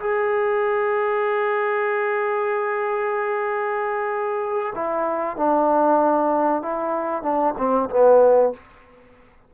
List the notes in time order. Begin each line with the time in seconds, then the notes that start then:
0.00 G#4
4.75 E4
5.37 D4
6.62 E4
7.23 D4
7.58 C4
7.90 B3